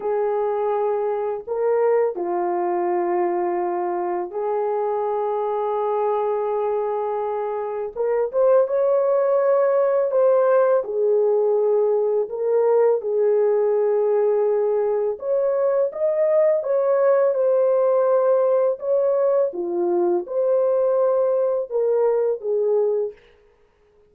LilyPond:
\new Staff \with { instrumentName = "horn" } { \time 4/4 \tempo 4 = 83 gis'2 ais'4 f'4~ | f'2 gis'2~ | gis'2. ais'8 c''8 | cis''2 c''4 gis'4~ |
gis'4 ais'4 gis'2~ | gis'4 cis''4 dis''4 cis''4 | c''2 cis''4 f'4 | c''2 ais'4 gis'4 | }